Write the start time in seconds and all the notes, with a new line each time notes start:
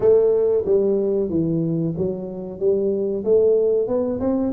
0.00 A3
0.65 G3
1.29 E3
1.97 F#3
2.59 G3
3.24 A3
3.87 B3
4.20 C4